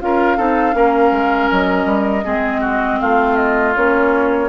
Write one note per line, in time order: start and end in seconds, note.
0.00 0.38 C#4
0.00 0.38 F4
0.00 0.37 A#4
0.00 1.50 F5
0.37 0.74 C4
0.37 0.72 D#4
0.37 0.74 A4
0.72 1.11 A#3
0.72 2.22 C#4
0.72 2.24 A#4
1.11 1.48 G#3
1.50 1.85 F#3
1.50 3.00 D#5
1.85 2.23 G3
2.24 3.00 G#3
2.24 3.74 C4
2.24 2.60 G#4
2.60 2.98 F#4
3.00 3.76 A3
3.00 4.49 F4
3.00 3.36 F5
3.36 3.73 D#5
3.75 4.49 A#3
3.75 4.49 C#4
3.75 4.49 C#5